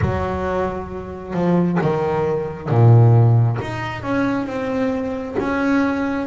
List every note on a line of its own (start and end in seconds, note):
0.01 1.33 F#3
1.33 1.78 F3
1.81 2.69 D#3
2.69 3.58 A#2
3.61 4.02 D#4
4.02 4.46 C#4
4.46 5.36 C4
5.39 6.27 C#4